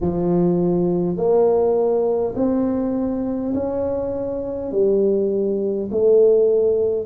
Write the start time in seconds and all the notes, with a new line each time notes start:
0.00 F3
1.17 A#3
2.35 C4
3.53 C#4
4.71 G3
5.91 A3